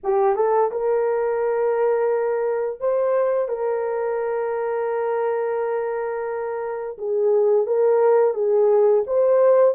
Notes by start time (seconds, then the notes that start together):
0.03 G4
0.35 A4
0.71 A#4
2.80 C5
3.48 A#4
6.98 G#4
7.66 A#4
8.34 G#4
9.06 C5